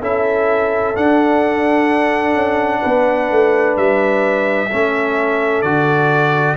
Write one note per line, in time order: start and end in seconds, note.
0.00 0.95 C#4
0.00 0.95 E4
0.00 2.81 A4
0.00 0.96 E5
0.95 4.70 D4
0.95 2.34 D4
0.95 3.77 F#5
2.34 2.81 C#4
2.81 3.31 B3
2.81 4.68 B4
3.31 3.77 A3
3.77 4.70 G3
3.77 5.62 E5
4.70 5.62 A3
4.70 5.64 C#4
4.70 6.57 A4
5.62 6.56 D3
5.62 6.57 F#4
5.62 6.55 D5